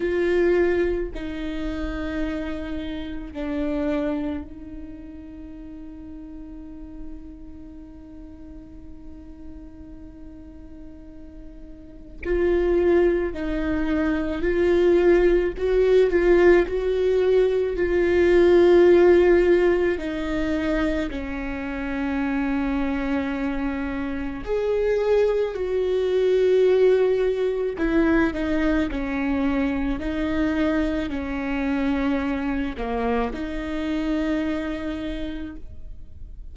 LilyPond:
\new Staff \with { instrumentName = "viola" } { \time 4/4 \tempo 4 = 54 f'4 dis'2 d'4 | dis'1~ | dis'2. f'4 | dis'4 f'4 fis'8 f'8 fis'4 |
f'2 dis'4 cis'4~ | cis'2 gis'4 fis'4~ | fis'4 e'8 dis'8 cis'4 dis'4 | cis'4. ais8 dis'2 | }